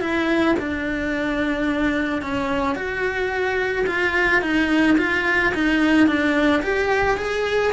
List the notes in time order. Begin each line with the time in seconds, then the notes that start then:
0.00 E4
0.59 D4
2.21 C#4
2.75 F#4
3.86 F4
4.42 D#4
4.98 F4
5.54 D#4
6.07 D4
6.62 G4
7.17 G#4